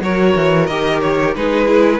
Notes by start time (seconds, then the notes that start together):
0.00 F#3 F#4 A#4 C#5
0.36 E3
0.67 D#3 G4 D#5
1.01 C#5
1.35 G#3 D#4 G#4 B4
1.66 E4